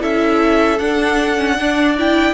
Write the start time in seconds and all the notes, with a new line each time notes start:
0.00 C#4 E4 A4 E5
0.79 D4 F#5
1.37 C#4
1.60 D4 D5
1.98 E4 G5